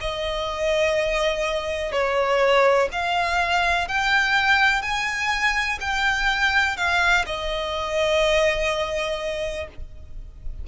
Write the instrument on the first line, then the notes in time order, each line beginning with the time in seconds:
violin
0.00 D#5
1.92 C#5
2.92 F5
3.88 G5
4.82 G#5
5.80 G5
6.77 F5
7.25 D#5